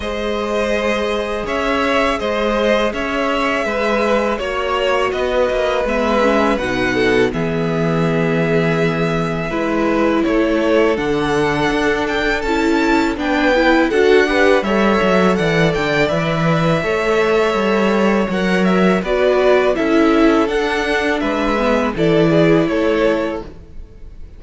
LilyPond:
<<
  \new Staff \with { instrumentName = "violin" } { \time 4/4 \tempo 4 = 82 dis''2 e''4 dis''4 | e''2 cis''4 dis''4 | e''4 fis''4 e''2~ | e''2 cis''4 fis''4~ |
fis''8 g''8 a''4 g''4 fis''4 | e''4 fis''8 g''8 e''2~ | e''4 fis''8 e''8 d''4 e''4 | fis''4 e''4 d''4 cis''4 | }
  \new Staff \with { instrumentName = "violin" } { \time 4/4 c''2 cis''4 c''4 | cis''4 b'4 cis''4 b'4~ | b'4. a'8 gis'2~ | gis'4 b'4 a'2~ |
a'2 b'4 a'8 b'8 | cis''4 d''2 cis''4~ | cis''2 b'4 a'4~ | a'4 b'4 a'8 gis'8 a'4 | }
  \new Staff \with { instrumentName = "viola" } { \time 4/4 gis'1~ | gis'2 fis'2 | b8 cis'8 dis'4 b2~ | b4 e'2 d'4~ |
d'4 e'4 d'8 e'8 fis'8 g'8 | a'2 b'4 a'4~ | a'4 ais'4 fis'4 e'4 | d'4. b8 e'2 | }
  \new Staff \with { instrumentName = "cello" } { \time 4/4 gis2 cis'4 gis4 | cis'4 gis4 ais4 b8 ais8 | gis4 b,4 e2~ | e4 gis4 a4 d4 |
d'4 cis'4 b4 d'4 | g8 fis8 e8 d8 e4 a4 | g4 fis4 b4 cis'4 | d'4 gis4 e4 a4 | }
>>